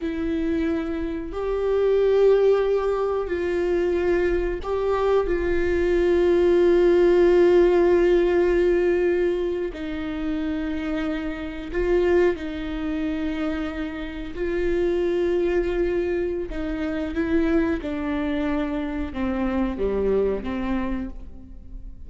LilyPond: \new Staff \with { instrumentName = "viola" } { \time 4/4 \tempo 4 = 91 e'2 g'2~ | g'4 f'2 g'4 | f'1~ | f'2~ f'8. dis'4~ dis'16~ |
dis'4.~ dis'16 f'4 dis'4~ dis'16~ | dis'4.~ dis'16 f'2~ f'16~ | f'4 dis'4 e'4 d'4~ | d'4 c'4 g4 c'4 | }